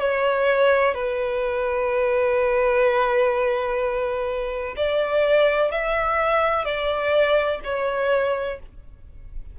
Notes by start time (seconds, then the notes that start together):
0.00 C#5
0.94 B4
4.77 D5
5.71 E5
6.65 D5
7.65 C#5